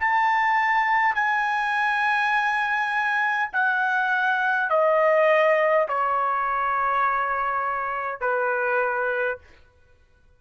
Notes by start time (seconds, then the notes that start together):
0.00 A5
1.16 G#5
3.53 F#5
4.70 D#5
5.89 C#5
8.21 B4